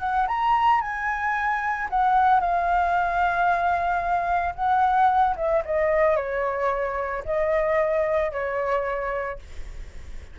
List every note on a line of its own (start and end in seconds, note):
0.00 0.27 F#5
0.28 0.81 A#5
0.81 1.88 G#5
1.90 2.40 F#5
2.40 4.55 F5
4.55 5.35 F#5
5.37 5.63 E5
5.65 6.17 D#5
6.17 7.24 C#5
7.25 8.32 D#5
8.32 9.39 C#5